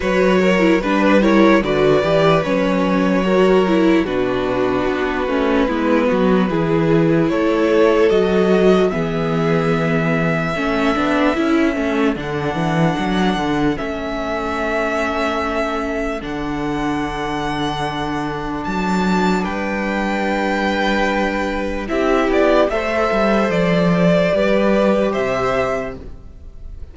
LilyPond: <<
  \new Staff \with { instrumentName = "violin" } { \time 4/4 \tempo 4 = 74 cis''4 b'8 cis''8 d''4 cis''4~ | cis''4 b'2.~ | b'4 cis''4 dis''4 e''4~ | e''2. fis''4~ |
fis''4 e''2. | fis''2. a''4 | g''2. e''8 d''8 | e''4 d''2 e''4 | }
  \new Staff \with { instrumentName = "violin" } { \time 4/4 b'8 ais'8 b'8 ais'8 b'2 | ais'4 fis'2 e'8 fis'8 | gis'4 a'2 gis'4~ | gis'4 a'2.~ |
a'1~ | a'1 | b'2. g'4 | c''2 b'4 c''4 | }
  \new Staff \with { instrumentName = "viola" } { \time 4/4 fis'8. e'16 d'8 e'8 fis'8 g'8 cis'4 | fis'8 e'8 d'4. cis'8 b4 | e'2 fis'4 b4~ | b4 cis'8 d'8 e'8 cis'8 d'4~ |
d'4 cis'2. | d'1~ | d'2. e'4 | a'2 g'2 | }
  \new Staff \with { instrumentName = "cello" } { \time 4/4 fis4 g4 d8 e8 fis4~ | fis4 b,4 b8 a8 gis8 fis8 | e4 a4 fis4 e4~ | e4 a8 b8 cis'8 a8 d8 e8 |
fis8 d8 a2. | d2. fis4 | g2. c'8 b8 | a8 g8 f4 g4 c4 | }
>>